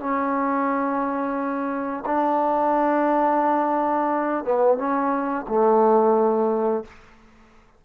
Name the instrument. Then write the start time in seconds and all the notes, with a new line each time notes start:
trombone
0.00 C#4
2.06 D4
4.45 B3
4.78 C#4
5.48 A3